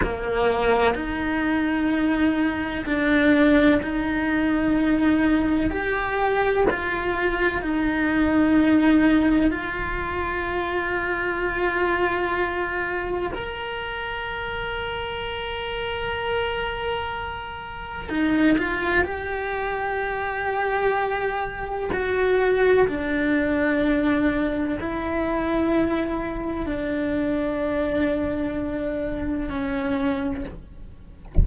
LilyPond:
\new Staff \with { instrumentName = "cello" } { \time 4/4 \tempo 4 = 63 ais4 dis'2 d'4 | dis'2 g'4 f'4 | dis'2 f'2~ | f'2 ais'2~ |
ais'2. dis'8 f'8 | g'2. fis'4 | d'2 e'2 | d'2. cis'4 | }